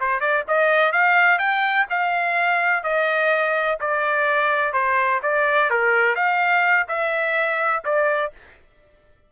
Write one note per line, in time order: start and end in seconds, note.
0.00 0.20 C5
0.20 0.44 D5
0.48 0.92 D#5
0.92 1.39 F5
1.39 1.86 G5
1.90 2.83 F5
2.83 3.78 D#5
3.80 4.73 D5
4.73 5.20 C5
5.22 5.70 D5
5.70 6.15 A#4
6.15 6.87 F5
6.88 7.83 E5
7.84 8.32 D5